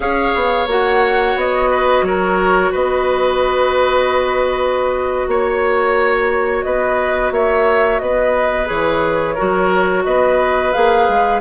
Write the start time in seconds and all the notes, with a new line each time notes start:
0.00 C#4 G#4 C#5 F5
0.34 B3
0.67 A#3 F#4 F#5
1.35 B3 D#5
1.70 B4
2.02 F#3 A#4 C#5
2.71 B3 B4 D#5
5.27 A#3 C#5
6.62 B3 B4 D#5
7.31 A#3 C#5 E5
7.99 B3 B4 D#5
8.66 E3 G#4 C#5
9.34 F#4 A#4
9.40 F#3
10.04 B3 B4 D#5
10.72 A#3 G#4 F5
11.08 G#3